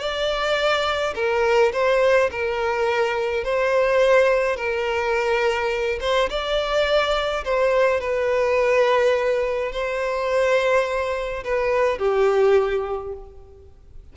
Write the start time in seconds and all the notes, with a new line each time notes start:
0.00 D5
1.15 A#4
1.73 C5
2.31 A#4
3.44 C5
4.57 A#4
6.01 C5
6.30 D5
7.45 C5
8.01 B4
9.72 C5
11.44 B4
11.99 G4